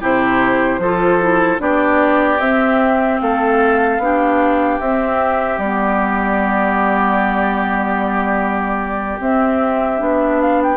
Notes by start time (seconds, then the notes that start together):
0.00 C3 E4 G4 C5
0.78 F3 F4 A4
1.20 E4
1.58 B3 D4 G4 D5
2.40 C4 E5
3.20 A3 A4 F5
3.98 B3 D4 G4
4.80 C4 E5
5.58 G3 B3 D5
9.20 C4 E5
9.97 B3 D4
10.41 F5
10.63 G5